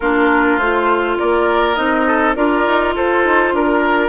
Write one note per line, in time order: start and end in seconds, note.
0.00 0.57 A#3
0.00 0.60 D4
0.00 1.18 F4
0.00 0.58 A#4
0.57 1.16 A3
0.57 1.75 F4
0.57 1.17 C5
1.18 1.77 A#3
1.18 2.07 A#4
1.18 1.75 D5
1.75 2.36 C4
1.75 2.34 D#4
1.75 2.34 D#5
2.07 2.36 A4
2.35 2.66 D4
2.35 4.09 F4
2.35 2.94 A#4
2.35 2.94 D5
2.66 2.95 D#4
2.95 3.24 F4
2.95 3.54 A4
2.95 3.55 C5
3.24 3.53 D#4
3.53 4.09 D4
3.53 4.09 A#4